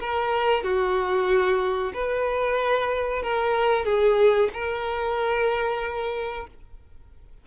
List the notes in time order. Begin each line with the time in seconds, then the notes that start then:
0.00 A#4
0.63 F#4
1.94 B4
3.22 A#4
3.85 G#4
4.53 A#4